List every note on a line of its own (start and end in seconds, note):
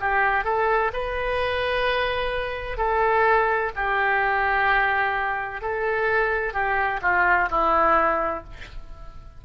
0.00 0.44 G4
0.44 0.91 A4
0.93 2.77 B4
2.77 3.71 A4
3.75 5.62 G4
5.62 6.53 A4
6.53 7.00 G4
7.02 7.49 F4
7.50 8.44 E4